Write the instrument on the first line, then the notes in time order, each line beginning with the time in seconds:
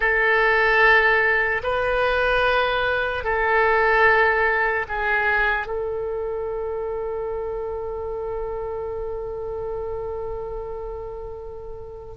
oboe
0.00 A4
1.63 B4
3.24 A4
4.88 G#4
5.66 A4